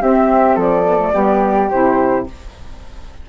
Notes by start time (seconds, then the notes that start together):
0.00 C4 G4 E5
0.55 F3 A4 D5
0.85 B3
0.98 A3
1.12 G3 B3 G4
1.70 C3 E4 C5